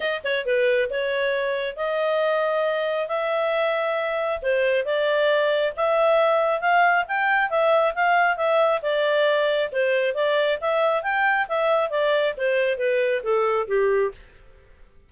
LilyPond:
\new Staff \with { instrumentName = "clarinet" } { \time 4/4 \tempo 4 = 136 dis''8 cis''8 b'4 cis''2 | dis''2. e''4~ | e''2 c''4 d''4~ | d''4 e''2 f''4 |
g''4 e''4 f''4 e''4 | d''2 c''4 d''4 | e''4 g''4 e''4 d''4 | c''4 b'4 a'4 g'4 | }